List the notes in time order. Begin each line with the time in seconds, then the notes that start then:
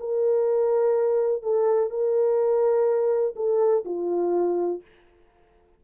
0.00 A#4
1.43 A4
1.90 A#4
3.36 A4
3.86 F4